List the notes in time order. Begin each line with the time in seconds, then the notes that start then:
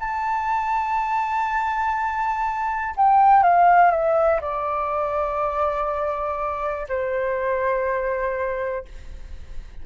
0.00 A5
2.97 G5
3.43 F5
3.91 E5
4.41 D5
6.89 C5